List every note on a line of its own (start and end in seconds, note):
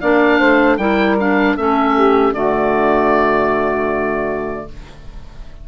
0.00 0.40 A#3
0.00 0.79 D4
0.00 0.38 D5
0.00 0.77 F5
0.38 0.77 A3
0.38 0.77 C5
0.77 1.55 G3
0.77 1.18 E4
0.77 1.56 A#4
0.77 1.16 G5
1.19 1.58 D4
1.19 1.57 F5
1.57 2.32 A3
1.57 2.34 C#4
1.57 1.95 A4
1.57 2.34 E5
1.95 2.34 G4
2.32 4.66 D3
2.32 4.68 A3
2.32 4.68 F#4
2.32 4.68 D5